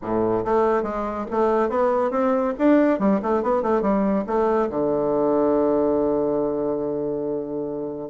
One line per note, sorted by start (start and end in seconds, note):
0.02 0.44 A2
0.44 0.82 A3
0.82 1.25 G#3
1.30 1.69 A3
1.69 2.11 B3
2.11 2.53 C4
2.58 2.99 D4
2.99 3.20 G3
3.22 3.43 A3
3.43 3.62 B3
3.62 3.81 A3
3.81 4.24 G3
4.26 4.69 A3
4.69 8.09 D3